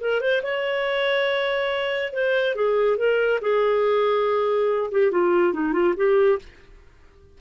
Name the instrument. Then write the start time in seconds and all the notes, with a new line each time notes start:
clarinet
0.00 A#4
0.21 C5
0.43 C#5
2.12 C5
2.55 G#4
2.97 A#4
3.41 G#4
4.91 G4
5.11 F4
5.53 D#4
5.73 F4
5.96 G4